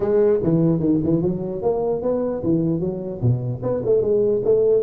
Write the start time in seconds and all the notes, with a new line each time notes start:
0.00 G#3
0.43 E3
0.79 D#3
1.03 E3
1.22 F#3
1.61 A#3
2.02 B3
2.43 E3
2.80 F#3
3.21 B2
3.62 B3
3.85 A3
4.01 G#3
4.44 A3